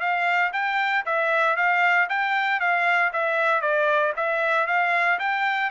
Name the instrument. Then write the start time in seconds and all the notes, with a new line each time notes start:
trumpet
0.00 F5
0.53 G5
1.06 E5
1.57 F5
2.09 G5
2.60 F5
3.13 E5
3.61 D5
4.16 E5
4.67 F5
5.19 G5